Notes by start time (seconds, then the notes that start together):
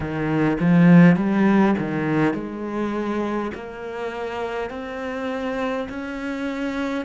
0.00 D#3
0.59 F3
1.16 G3
1.78 D#3
2.33 G#3
3.54 A#3
4.70 C4
5.89 C#4